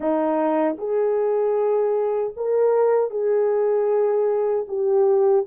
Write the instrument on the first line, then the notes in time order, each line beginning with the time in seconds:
horn
0.00 D#4
0.78 G#4
2.36 A#4
3.10 G#4
4.68 G4